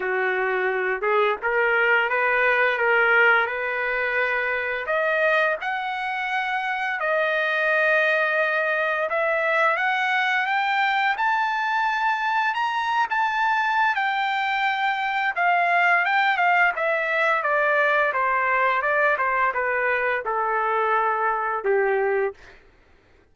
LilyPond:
\new Staff \with { instrumentName = "trumpet" } { \time 4/4 \tempo 4 = 86 fis'4. gis'8 ais'4 b'4 | ais'4 b'2 dis''4 | fis''2 dis''2~ | dis''4 e''4 fis''4 g''4 |
a''2 ais''8. a''4~ a''16 | g''2 f''4 g''8 f''8 | e''4 d''4 c''4 d''8 c''8 | b'4 a'2 g'4 | }